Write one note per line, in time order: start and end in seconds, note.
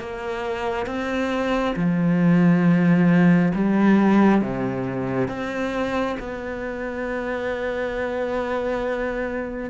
0.00 0.86 A#3
0.86 1.74 C4
1.76 3.53 F3
3.55 4.42 G3
4.42 5.29 C3
5.29 6.17 C4
6.20 9.70 B3